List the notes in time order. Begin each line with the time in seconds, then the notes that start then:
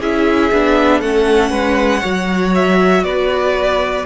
0.00 C#4 E4 G#4 E5
0.52 B3 D4
1.00 A3 C#4 A4 F#5
1.51 G#3 B4
2.01 F#3 F#4 C#5
2.55 E5
3.04 B3 B4 D5